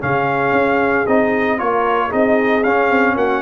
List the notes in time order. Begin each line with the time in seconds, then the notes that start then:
0.00 C#3 C#4 G#4 F5
0.52 C#4
1.07 C4 D#4 D#5
1.58 A#3 F4 A#4 C#5
2.07 C4 D#4 G#4 D#5
2.63 C#4 F5
2.90 C4
3.15 A#3 F#4 F#5